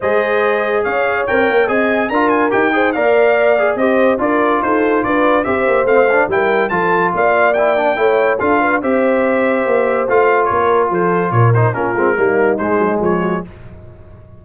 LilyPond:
<<
  \new Staff \with { instrumentName = "trumpet" } { \time 4/4 \tempo 4 = 143 dis''2 f''4 g''4 | gis''4 ais''8 gis''8 g''4 f''4~ | f''4 dis''4 d''4 c''4 | d''4 e''4 f''4 g''4 |
a''4 f''4 g''2 | f''4 e''2. | f''4 cis''4 c''4 cis''8 c''8 | ais'2 c''4 cis''4 | }
  \new Staff \with { instrumentName = "horn" } { \time 4/4 c''2 cis''2 | dis''4 ais'4. c''8 d''4~ | d''4 c''4 ais'4 a'4 | b'4 c''2 ais'4 |
a'4 d''2 cis''4 | a'8 b'8 c''2.~ | c''4 ais'4 a'4 ais'4 | f'4 dis'2 gis'8 fis'8 | }
  \new Staff \with { instrumentName = "trombone" } { \time 4/4 gis'2. ais'4 | gis'4 f'4 g'8 gis'8 ais'4~ | ais'8 gis'8 g'4 f'2~ | f'4 g'4 c'8 d'8 e'4 |
f'2 e'8 d'8 e'4 | f'4 g'2. | f'2.~ f'8 dis'8 | cis'8 c'8 ais4 gis2 | }
  \new Staff \with { instrumentName = "tuba" } { \time 4/4 gis2 cis'4 c'8 ais8 | c'4 d'4 dis'4 ais4~ | ais4 c'4 d'4 dis'4 | d'4 c'8 ais8 a4 g4 |
f4 ais2 a4 | d'4 c'2 ais4 | a4 ais4 f4 ais,4 | ais8 gis8 g4 gis8 fis8 f4 | }
>>